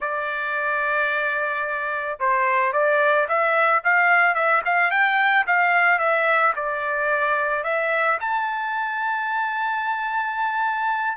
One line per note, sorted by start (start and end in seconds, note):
0.00 2.19 D5
2.19 2.72 C5
2.72 3.27 D5
3.28 3.82 E5
3.84 4.34 F5
4.34 4.62 E5
4.65 4.90 F5
4.90 5.45 G5
5.46 5.98 F5
5.98 6.53 E5
6.55 7.63 D5
7.63 8.18 E5
8.20 11.17 A5